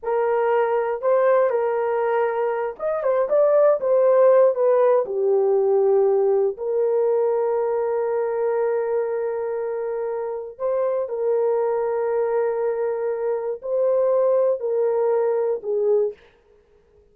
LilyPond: \new Staff \with { instrumentName = "horn" } { \time 4/4 \tempo 4 = 119 ais'2 c''4 ais'4~ | ais'4. dis''8 c''8 d''4 c''8~ | c''4 b'4 g'2~ | g'4 ais'2.~ |
ais'1~ | ais'4 c''4 ais'2~ | ais'2. c''4~ | c''4 ais'2 gis'4 | }